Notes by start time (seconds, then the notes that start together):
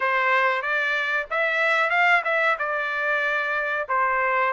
0.00 C5
0.61 D5
1.30 E5
1.90 F5
2.24 E5
2.58 D5
3.88 C5